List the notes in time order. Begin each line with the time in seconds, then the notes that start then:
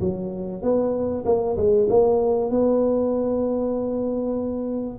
0.00 F#3
0.62 B3
1.25 A#3
1.57 G#3
1.89 A#3
2.50 B3